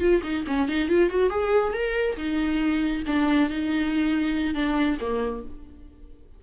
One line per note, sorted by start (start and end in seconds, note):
0.00 0.22 F4
0.23 0.45 D#4
0.47 0.68 C#4
0.68 0.89 D#4
0.89 1.10 F4
1.10 1.30 F#4
1.30 1.73 G#4
1.73 2.16 A#4
2.17 3.03 D#4
3.07 3.50 D4
3.50 4.54 D#4
4.54 4.97 D4
5.00 5.43 A#3